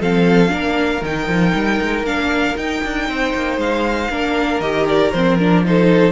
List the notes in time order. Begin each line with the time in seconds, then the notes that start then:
0.00 F3 C4 A4 F5
0.49 A#3 D4 A#4
1.01 D#3 D#4 G5
1.27 F3
1.55 G3
1.81 G#3
2.03 A#3 D4 F5
2.56 D#4 G5
2.83 D4
3.08 C4 C5
3.34 A#3
3.57 G#3 F5
4.10 A#3 D4 A#4
4.60 D#3 G4 D#5
4.88 D5
5.12 F3 C4 C5
5.38 D4 A#4
5.65 D#4 A4 C5